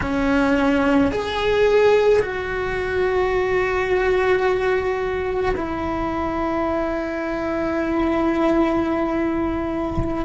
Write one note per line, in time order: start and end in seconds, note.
0.01 1.11 C#4
1.11 2.22 G#4
2.22 5.55 F#4
5.56 10.25 E4